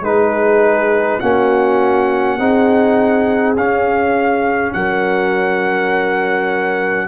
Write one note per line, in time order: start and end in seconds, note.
0.00 1.18 G#3
0.00 1.21 D#4
0.00 1.22 G#4
0.00 1.20 B4
1.20 2.38 A#3
1.20 2.39 C#4
1.20 2.37 F#4
1.20 3.55 F#5
2.37 3.56 C4
2.37 3.57 D#4
2.37 4.73 G#4
3.56 4.74 C#4
3.56 7.08 C#4
3.56 4.73 F5
4.73 7.08 F#3
4.73 7.08 A#4
4.73 7.08 F#5